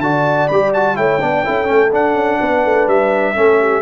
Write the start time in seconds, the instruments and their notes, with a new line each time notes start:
0.00 tuba D3, trombone F#4, horn D5, trumpet A5
0.48 tuba G3, trombone G4, trumpet B5
0.74 trombone F#4, trumpet A5
0.95 tuba A3, trombone E4, horn C#5, trumpet G5
1.21 tuba B3, trombone D4, horn D5
1.45 tuba C#4, trombone E4, horn A4
1.65 tuba A3, trombone C#4
1.92 trombone D4, tuba D4, trumpet F#5
2.15 tuba C#4
2.40 tuba B3, horn B4
2.64 tuba A3
2.87 tuba G3, trumpet E5
3.35 tuba A3, trombone C#4, horn A4
3.60 horn G4